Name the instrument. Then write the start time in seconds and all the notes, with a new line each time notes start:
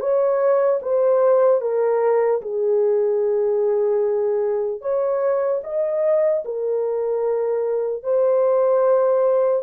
horn
0.00 C#5
0.82 C5
1.61 A#4
2.41 G#4
4.81 C#5
5.63 D#5
6.44 A#4
8.03 C5